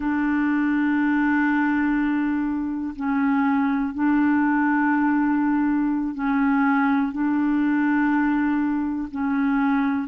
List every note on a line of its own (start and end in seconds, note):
0.00 2.93 D4
2.96 3.93 C#4
3.93 6.14 D4
6.14 7.11 C#4
7.11 9.08 D4
9.11 10.08 C#4